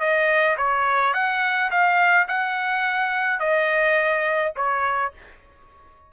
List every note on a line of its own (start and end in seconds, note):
0.00 0.57 D#5
0.57 1.14 C#5
1.14 1.70 F#5
1.71 2.27 F5
2.28 3.39 F#5
3.39 4.53 D#5
4.56 5.13 C#5